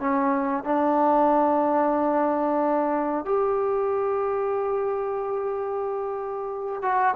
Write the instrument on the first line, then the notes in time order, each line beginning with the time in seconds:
trombone
0.00 C#4
0.64 D4
3.25 G4
6.82 F#4